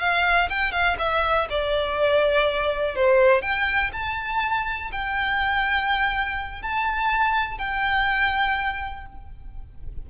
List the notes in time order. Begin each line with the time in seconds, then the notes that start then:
0.00 F5
0.49 G5
0.72 F5
0.99 E5
1.50 D5
2.96 C5
3.42 G5
3.93 A5
4.92 G5
6.62 A5
7.58 G5